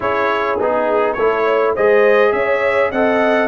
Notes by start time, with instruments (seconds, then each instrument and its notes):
0.00 tuba C#4, trombone E4, horn G#4, trumpet C#5
0.59 tuba B3, trombone D#4, trumpet G#4
1.13 tuba A3, trombone E4, horn A4, trumpet C#5
1.44 horn C#5
1.74 tuba G#3, trombone G#4, horn C5, trumpet D#5
2.32 tuba C#4, horn C#5, trumpet E5
2.91 tuba C4, trombone A4, horn D#5, trumpet F#5